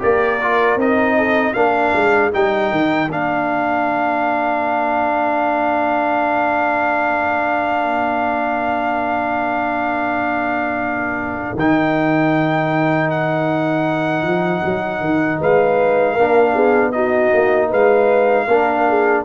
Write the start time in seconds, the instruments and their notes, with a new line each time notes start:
0.00 tuba A#3, trombone G4, horn A#4, trumpet D5
0.42 trombone F4
0.76 tuba C4, trombone D#4, trumpet D#5
1.18 horn A4
1.54 tuba A#3, trombone D4, horn A#4, trumpet F5
1.96 tuba G#3
2.32 tuba G3, trombone D#4, trumpet G5
2.71 tuba D#3
3.09 tuba A#3, trombone D4, trumpet F5
11.55 tuba D#3, trombone D#4, trumpet G5
13.11 trumpet F#5
14.23 tuba F3
14.65 tuba F#3
15.01 tuba D#3
15.41 tuba G#3, horn B4, trumpet F5
16.14 tuba A#3, trombone D4, horn A#4
16.55 tuba B3, horn G#4
16.92 trombone D#4, horn F#4, trumpet D#5
17.34 tuba A#3
17.70 tuba G#3, horn B4, trumpet F5
18.48 tuba A#3, trombone D4, horn A#4
18.89 horn G#4